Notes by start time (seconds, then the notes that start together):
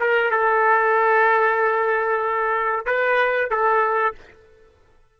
0.00 A#4
0.30 A4
2.86 B4
3.50 A4